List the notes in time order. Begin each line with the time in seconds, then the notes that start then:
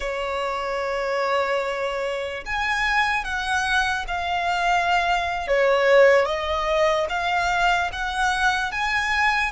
0.00 C#5
2.45 G#5
3.24 F#5
4.07 F5
5.47 C#5
6.25 D#5
7.09 F5
7.92 F#5
8.71 G#5